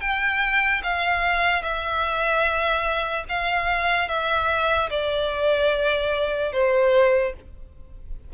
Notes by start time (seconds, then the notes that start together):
0.00 G5
0.83 F5
1.62 E5
3.28 F5
4.08 E5
4.90 D5
6.52 C5